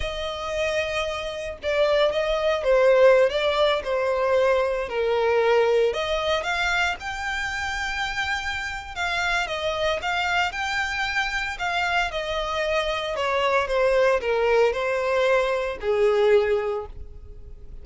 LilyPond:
\new Staff \with { instrumentName = "violin" } { \time 4/4 \tempo 4 = 114 dis''2. d''4 | dis''4 c''4~ c''16 d''4 c''8.~ | c''4~ c''16 ais'2 dis''8.~ | dis''16 f''4 g''2~ g''8.~ |
g''4 f''4 dis''4 f''4 | g''2 f''4 dis''4~ | dis''4 cis''4 c''4 ais'4 | c''2 gis'2 | }